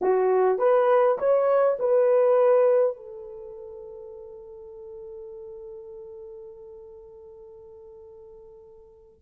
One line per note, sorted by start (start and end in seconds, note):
0.01 0.58 F#4
0.58 1.17 B4
1.18 1.77 C#5
1.79 2.96 B4
2.96 9.20 A4